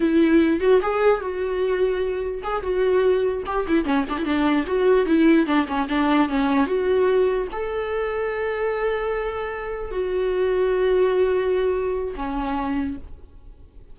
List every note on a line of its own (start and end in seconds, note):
0.00 0.60 E4
0.60 0.80 F#4
0.82 1.20 G#4
1.20 2.42 F#4
2.43 2.62 G#4
2.62 3.43 F#4
3.46 3.66 G4
3.67 3.84 E4
3.84 4.05 C#4
4.09 4.18 D4
4.18 4.24 E4
4.24 4.65 D4
4.66 5.05 F#4
5.05 5.46 E4
5.46 5.66 D4
5.67 5.87 C#4
5.88 6.28 D4
6.28 6.66 C#4
6.66 7.47 F#4
7.52 9.91 A4
9.91 12.14 F#4
12.15 12.97 C#4